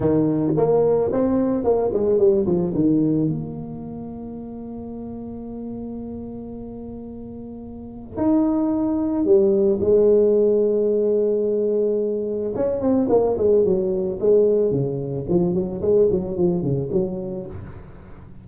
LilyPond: \new Staff \with { instrumentName = "tuba" } { \time 4/4 \tempo 4 = 110 dis4 ais4 c'4 ais8 gis8 | g8 f8 dis4 ais2~ | ais1~ | ais2. dis'4~ |
dis'4 g4 gis2~ | gis2. cis'8 c'8 | ais8 gis8 fis4 gis4 cis4 | f8 fis8 gis8 fis8 f8 cis8 fis4 | }